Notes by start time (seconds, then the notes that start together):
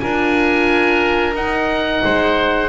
0.00 D4 F4 A#4 G#5
1.34 D#4 F#5
2.03 G#3 C5